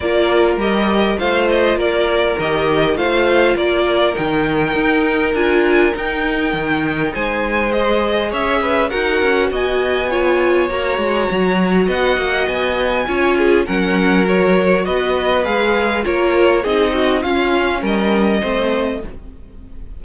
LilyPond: <<
  \new Staff \with { instrumentName = "violin" } { \time 4/4 \tempo 4 = 101 d''4 dis''4 f''8 dis''8 d''4 | dis''4 f''4 d''4 g''4~ | g''4 gis''4 g''2 | gis''4 dis''4 e''4 fis''4 |
gis''2 ais''2 | fis''4 gis''2 fis''4 | cis''4 dis''4 f''4 cis''4 | dis''4 f''4 dis''2 | }
  \new Staff \with { instrumentName = "violin" } { \time 4/4 ais'2 c''4 ais'4~ | ais'4 c''4 ais'2~ | ais'1 | c''2 cis''8 b'8 ais'4 |
dis''4 cis''2. | dis''2 cis''8 gis'8 ais'4~ | ais'4 b'2 ais'4 | gis'8 fis'8 f'4 ais'4 c''4 | }
  \new Staff \with { instrumentName = "viola" } { \time 4/4 f'4 g'4 f'2 | g'4 f'2 dis'4~ | dis'4 f'4 dis'2~ | dis'4 gis'2 fis'4~ |
fis'4 f'4 fis'2~ | fis'2 f'4 cis'4 | fis'2 gis'4 f'4 | dis'4 cis'2 c'4 | }
  \new Staff \with { instrumentName = "cello" } { \time 4/4 ais4 g4 a4 ais4 | dis4 a4 ais4 dis4 | dis'4 d'4 dis'4 dis4 | gis2 cis'4 dis'8 cis'8 |
b2 ais8 gis8 fis4 | b8 ais8 b4 cis'4 fis4~ | fis4 b4 gis4 ais4 | c'4 cis'4 g4 a4 | }
>>